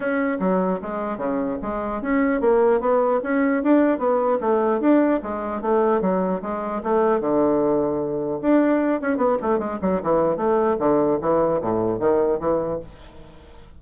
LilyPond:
\new Staff \with { instrumentName = "bassoon" } { \time 4/4 \tempo 4 = 150 cis'4 fis4 gis4 cis4 | gis4 cis'4 ais4 b4 | cis'4 d'4 b4 a4 | d'4 gis4 a4 fis4 |
gis4 a4 d2~ | d4 d'4. cis'8 b8 a8 | gis8 fis8 e4 a4 d4 | e4 a,4 dis4 e4 | }